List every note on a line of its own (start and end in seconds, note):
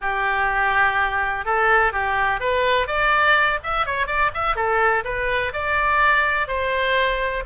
0.01 1.45 G4
1.45 1.92 A4
1.92 2.40 G4
2.40 2.87 B4
2.87 3.59 D5
3.63 3.86 E5
3.86 4.06 C#5
4.06 4.30 D5
4.34 4.55 E5
4.55 5.03 A4
5.04 5.52 B4
5.53 6.47 D5
6.47 7.43 C5